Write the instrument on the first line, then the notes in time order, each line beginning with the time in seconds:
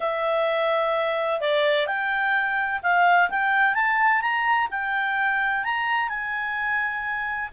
clarinet
0.00 E5
1.40 D5
1.86 G5
2.83 F5
3.29 G5
3.74 A5
4.21 A#5
4.70 G5
5.64 A#5
6.09 G#5